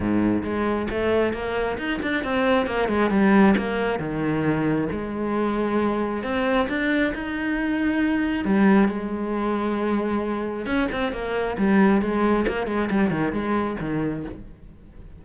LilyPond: \new Staff \with { instrumentName = "cello" } { \time 4/4 \tempo 4 = 135 gis,4 gis4 a4 ais4 | dis'8 d'8 c'4 ais8 gis8 g4 | ais4 dis2 gis4~ | gis2 c'4 d'4 |
dis'2. g4 | gis1 | cis'8 c'8 ais4 g4 gis4 | ais8 gis8 g8 dis8 gis4 dis4 | }